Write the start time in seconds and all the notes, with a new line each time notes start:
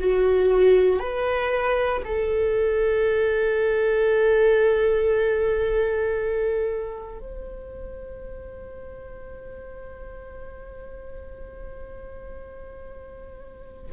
0.00 F#4
1.00 B4
2.05 A4
7.19 C5